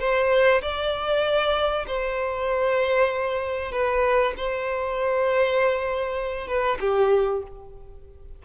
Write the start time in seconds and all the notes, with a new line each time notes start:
0.00 C5
0.62 D5
1.87 C5
3.72 B4
4.37 C5
6.48 B4
6.81 G4